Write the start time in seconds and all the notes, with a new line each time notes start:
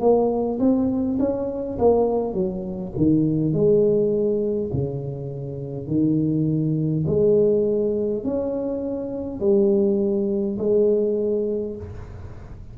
0.00 A#3
0.59 C4
1.19 C#4
1.79 A#3
2.34 F#3
2.97 D#3
3.53 G#3
4.73 C#3
5.87 D#3
7.06 G#3
8.24 C#4
9.40 G3
10.58 G#3